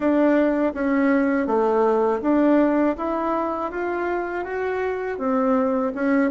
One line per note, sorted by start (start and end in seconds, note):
0.00 0.73 D4
0.73 1.46 C#4
1.46 2.21 A3
2.22 2.96 D4
2.97 3.71 E4
3.71 4.44 F4
4.44 5.18 F#4
5.18 5.92 C4
5.94 6.30 C#4